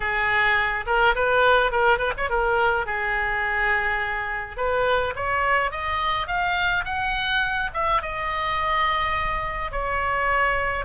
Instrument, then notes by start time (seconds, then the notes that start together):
oboe
0.00 G#4
0.86 A#4
1.15 B4
1.71 A#4
1.98 B4
2.17 C#5
2.29 A#4
2.85 G#4
4.56 B4
5.15 C#5
5.71 D#5
6.27 F5
6.84 F#5
7.73 E5
8.02 D#5
9.71 C#5